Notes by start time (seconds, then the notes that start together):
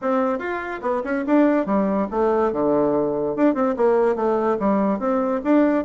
0.01 C4
0.38 F4
0.81 B3
1.03 C#4
1.26 D4
1.66 G3
2.10 A3
2.52 D3
3.36 D4
3.54 C4
3.76 A#3
4.15 A3
4.59 G3
4.99 C4
5.43 D4